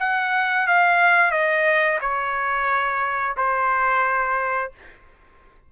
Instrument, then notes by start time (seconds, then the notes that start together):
trumpet
0.00 F#5
0.67 F5
1.32 D#5
2.01 C#5
3.37 C5